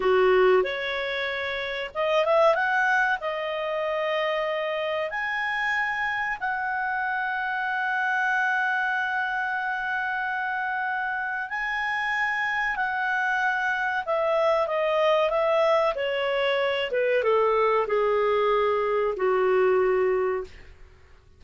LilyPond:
\new Staff \with { instrumentName = "clarinet" } { \time 4/4 \tempo 4 = 94 fis'4 cis''2 dis''8 e''8 | fis''4 dis''2. | gis''2 fis''2~ | fis''1~ |
fis''2 gis''2 | fis''2 e''4 dis''4 | e''4 cis''4. b'8 a'4 | gis'2 fis'2 | }